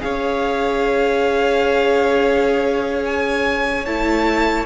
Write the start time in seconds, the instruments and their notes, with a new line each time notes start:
0.00 cello C#4, viola G#4, violin C#5 F5
3.05 violin G#5
3.85 cello A3, viola E4, violin A5